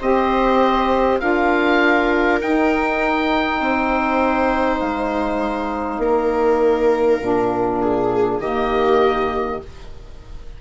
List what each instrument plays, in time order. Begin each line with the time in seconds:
0.00 bassoon C4, saxophone G4, viola C5, oboe D#5
1.20 bassoon D4, saxophone F4, viola A#4, oboe F5
2.42 bassoon D#4, saxophone D#4, oboe G5
3.60 bassoon C4, viola C5
4.80 bassoon G#3, oboe F5
5.99 bassoon A#3, viola A#4
7.21 bassoon A#2, saxophone D4
7.82 viola G#4
8.39 bassoon D#3, saxophone A#3, viola G4, oboe D#5